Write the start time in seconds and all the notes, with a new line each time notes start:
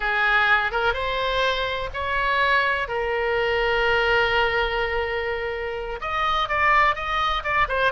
0.00 G#4
0.71 A#4
0.93 C5
1.93 C#5
2.88 A#4
6.00 D#5
6.48 D5
6.95 D#5
7.43 D5
7.68 C5